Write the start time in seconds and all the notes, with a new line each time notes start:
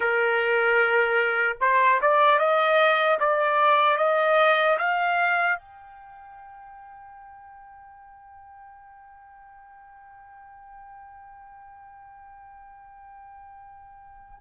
0.00 A#4
1.60 C5
2.01 D5
2.39 D#5
3.19 D5
3.97 D#5
4.78 F5
5.58 G5